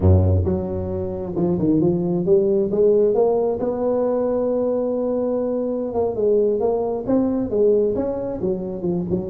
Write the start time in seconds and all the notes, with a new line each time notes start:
0.00 F#2
0.45 F#3
1.35 F3
1.59 D#3
1.81 F3
2.25 G3
2.71 G#3
3.14 A#3
3.59 B3
5.94 A#3
6.15 G#3
6.59 A#3
7.06 C4
7.50 G#3
7.95 C#4
8.41 F#3
8.81 F3
9.09 F#3